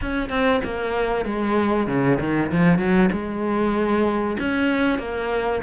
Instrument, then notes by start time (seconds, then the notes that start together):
cello
0.01 C#4
0.29 C4
0.64 A#3
1.25 G#3
1.87 C#3
2.19 D#3
2.51 F3
2.78 F#3
3.12 G#3
4.39 C#4
4.99 A#3